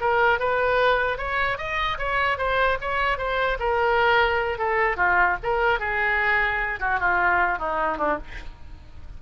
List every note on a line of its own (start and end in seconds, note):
0.00 0.39 A#4
0.39 1.18 B4
1.18 1.58 C#5
1.58 1.98 D#5
1.98 2.38 C#5
2.38 2.78 C5
2.81 3.18 C#5
3.18 3.58 C5
3.59 4.58 A#4
4.58 4.97 A4
4.97 5.37 F4
5.43 5.79 A#4
5.79 6.79 G#4
6.80 7.00 F#4
7.00 7.59 F4
7.59 7.98 D#4
7.98 8.18 D4